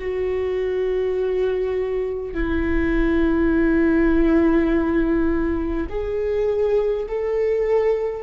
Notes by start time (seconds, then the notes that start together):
0.00 F#4
2.34 E4
5.90 G#4
7.09 A4